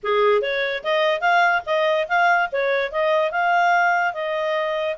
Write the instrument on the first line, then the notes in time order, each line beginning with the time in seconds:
clarinet
0.03 G#4
0.41 C#5
0.83 D#5
1.20 F5
1.66 D#5
2.08 F5
2.52 C#5
2.91 D#5
3.31 F5
4.13 D#5